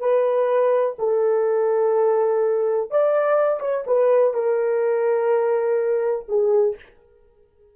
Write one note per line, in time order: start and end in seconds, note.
0.00 0.96 B4
0.99 2.91 A4
2.91 3.60 D5
3.60 3.84 C#5
3.87 4.34 B4
4.34 6.26 A#4
6.28 6.76 G#4